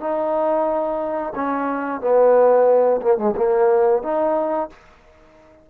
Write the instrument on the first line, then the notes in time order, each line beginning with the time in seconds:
trombone
0.00 D#4
1.35 C#4
2.01 B3
3.02 A#3
3.18 G#3
3.36 A#3
4.03 D#4